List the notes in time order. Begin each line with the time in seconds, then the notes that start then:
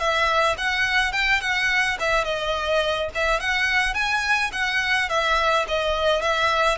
0.00 E5
0.58 F#5
1.13 G5
1.42 F#5
2.00 E5
2.25 D#5
3.15 E5
3.40 F#5
3.94 G#5
4.53 F#5
5.09 E5
5.68 D#5
6.22 E5